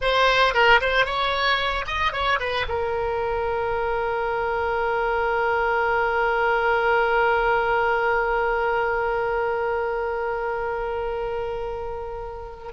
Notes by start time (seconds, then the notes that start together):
0.01 C5
0.53 A#4
0.81 C5
1.05 C#5
1.87 D#5
2.12 C#5
2.39 B4
2.68 A#4